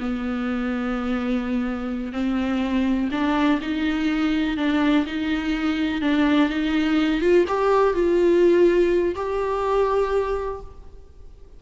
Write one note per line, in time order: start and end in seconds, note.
0.00 2.13 B3
2.13 3.10 C4
3.12 3.60 D4
3.62 4.57 D#4
4.57 5.06 D4
5.06 6.02 D#4
6.02 6.50 D4
6.50 7.21 D#4
7.21 7.45 F4
7.48 7.94 G4
7.94 9.15 F4
9.16 10.61 G4